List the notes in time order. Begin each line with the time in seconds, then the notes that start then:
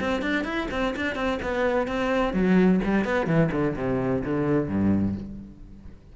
0.00 C4
0.22 D4
0.44 E4
0.71 C4
0.96 D4
1.15 C4
1.42 B3
1.87 C4
2.33 F#3
2.84 G3
3.04 B3
3.26 E3
3.52 D3
3.76 C3
4.24 D3
4.68 G2